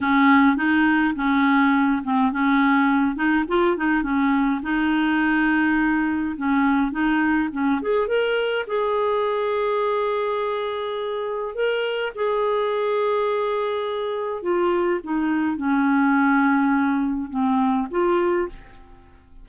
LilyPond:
\new Staff \with { instrumentName = "clarinet" } { \time 4/4 \tempo 4 = 104 cis'4 dis'4 cis'4. c'8 | cis'4. dis'8 f'8 dis'8 cis'4 | dis'2. cis'4 | dis'4 cis'8 gis'8 ais'4 gis'4~ |
gis'1 | ais'4 gis'2.~ | gis'4 f'4 dis'4 cis'4~ | cis'2 c'4 f'4 | }